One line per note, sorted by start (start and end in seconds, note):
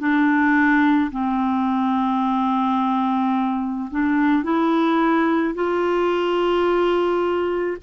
0.00 1.11 D4
1.12 3.90 C4
3.91 4.44 D4
4.44 5.55 E4
5.55 7.77 F4